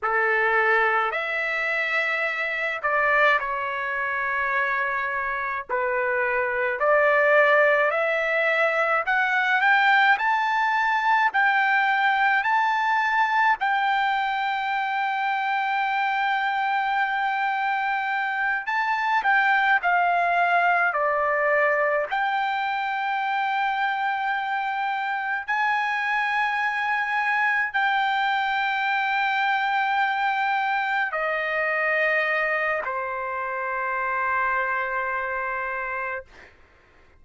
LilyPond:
\new Staff \with { instrumentName = "trumpet" } { \time 4/4 \tempo 4 = 53 a'4 e''4. d''8 cis''4~ | cis''4 b'4 d''4 e''4 | fis''8 g''8 a''4 g''4 a''4 | g''1~ |
g''8 a''8 g''8 f''4 d''4 g''8~ | g''2~ g''8 gis''4.~ | gis''8 g''2. dis''8~ | dis''4 c''2. | }